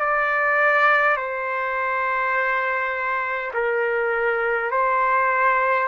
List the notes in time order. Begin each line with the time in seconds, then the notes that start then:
0.00 D5
1.17 C5
3.54 A#4
4.71 C5